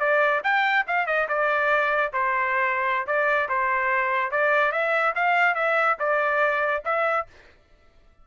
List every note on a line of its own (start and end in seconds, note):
0.00 0.42 D5
0.44 0.86 G5
0.88 1.07 F5
1.07 1.28 D#5
1.29 2.13 D5
2.13 3.07 C5
3.07 3.49 D5
3.49 4.32 C5
4.32 4.73 D5
4.73 5.15 E5
5.16 5.55 F5
5.55 5.97 E5
6.00 6.84 D5
6.85 7.27 E5